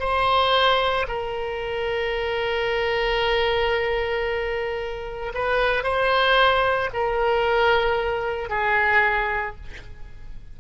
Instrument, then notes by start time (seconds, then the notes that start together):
oboe
0.00 C5
1.08 A#4
5.34 B4
5.84 C5
6.94 A#4
8.50 G#4